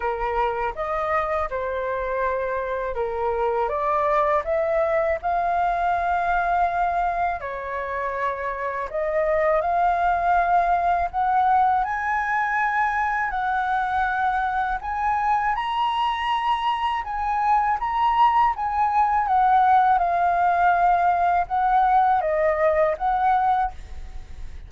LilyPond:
\new Staff \with { instrumentName = "flute" } { \time 4/4 \tempo 4 = 81 ais'4 dis''4 c''2 | ais'4 d''4 e''4 f''4~ | f''2 cis''2 | dis''4 f''2 fis''4 |
gis''2 fis''2 | gis''4 ais''2 gis''4 | ais''4 gis''4 fis''4 f''4~ | f''4 fis''4 dis''4 fis''4 | }